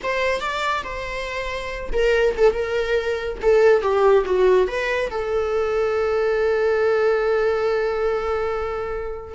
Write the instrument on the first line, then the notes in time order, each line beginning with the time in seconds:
viola
0.03 C5
0.40 D5
0.83 C5
1.92 A#4
2.37 A4
2.53 A#4
3.42 A4
3.81 G4
4.25 F#4
4.67 B4
5.10 A4